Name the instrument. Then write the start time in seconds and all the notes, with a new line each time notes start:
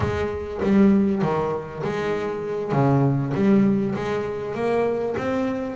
double bass
0.00 G#3
0.62 G3
1.22 D#3
1.83 G#3
2.72 C#3
3.34 G3
3.95 G#3
4.55 A#3
5.17 C4